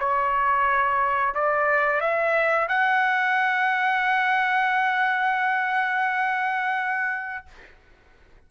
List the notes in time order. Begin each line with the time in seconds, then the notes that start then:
0.00 C#5
1.35 D5
2.01 E5
2.68 F#5